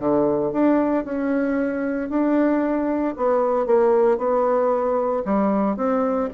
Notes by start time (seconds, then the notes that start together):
0.00 D3
0.53 D4
1.05 C#4
2.10 D4
3.17 B3
3.67 A#3
4.18 B3
5.25 G3
5.77 C4